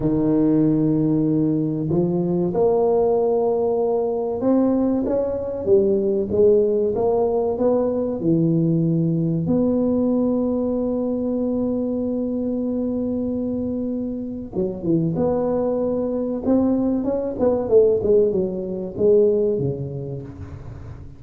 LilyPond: \new Staff \with { instrumentName = "tuba" } { \time 4/4 \tempo 4 = 95 dis2. f4 | ais2. c'4 | cis'4 g4 gis4 ais4 | b4 e2 b4~ |
b1~ | b2. fis8 e8 | b2 c'4 cis'8 b8 | a8 gis8 fis4 gis4 cis4 | }